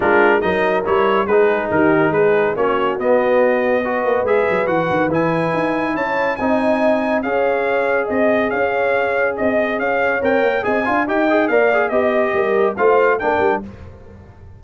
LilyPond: <<
  \new Staff \with { instrumentName = "trumpet" } { \time 4/4 \tempo 4 = 141 ais'4 dis''4 cis''4 b'4 | ais'4 b'4 cis''4 dis''4~ | dis''2 e''4 fis''4 | gis''2 a''4 gis''4~ |
gis''4 f''2 dis''4 | f''2 dis''4 f''4 | g''4 gis''4 g''4 f''4 | dis''2 f''4 g''4 | }
  \new Staff \with { instrumentName = "horn" } { \time 4/4 f'4 ais'2 gis'4 | g'4 gis'4 fis'2~ | fis'4 b'2.~ | b'2 cis''4 dis''4~ |
dis''4 cis''2 dis''4 | cis''2 dis''4 cis''4~ | cis''4 dis''8 f''8 dis''4 d''4 | dis''4 ais'4 c''4 ais'4 | }
  \new Staff \with { instrumentName = "trombone" } { \time 4/4 d'4 dis'4 e'4 dis'4~ | dis'2 cis'4 b4~ | b4 fis'4 gis'4 fis'4 | e'2. dis'4~ |
dis'4 gis'2.~ | gis'1 | ais'4 gis'8 f'8 g'8 gis'8 ais'8 gis'8 | g'2 f'4 d'4 | }
  \new Staff \with { instrumentName = "tuba" } { \time 4/4 gis4 fis4 g4 gis4 | dis4 gis4 ais4 b4~ | b4. ais8 gis8 fis8 e8 dis8 | e4 dis'4 cis'4 c'4~ |
c'4 cis'2 c'4 | cis'2 c'4 cis'4 | c'8 ais8 c'8 d'8 dis'4 ais4 | b4 g4 a4 ais8 g8 | }
>>